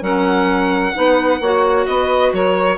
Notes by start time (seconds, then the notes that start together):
0.00 F#3 C#4 A#4 F#5
0.94 B3 D#4 B4
1.40 A#3 F#4 C#5
1.86 B3 B4 D#5
2.33 F#3 A#4 C#5